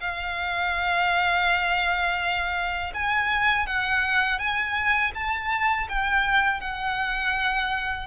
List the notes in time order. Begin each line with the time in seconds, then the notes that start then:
0.00 F5
2.94 G#5
3.66 F#5
4.39 G#5
5.14 A5
5.89 G5
6.60 F#5